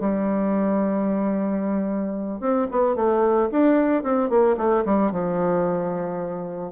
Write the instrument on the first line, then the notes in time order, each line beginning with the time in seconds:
bassoon
0.00 G3
2.41 C4
2.71 B3
2.96 A3
3.51 D4
4.03 C4
4.30 A#3
4.57 A3
4.85 G3
5.12 F3